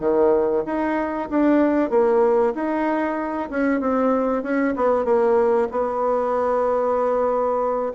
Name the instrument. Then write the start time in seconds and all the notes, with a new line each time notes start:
bassoon
0.00 D#3
0.65 D#4
1.30 D4
1.90 A#3
2.55 D#4
3.50 C#4
3.80 C4
4.43 C#4
4.76 B3
5.05 A#3
5.71 B3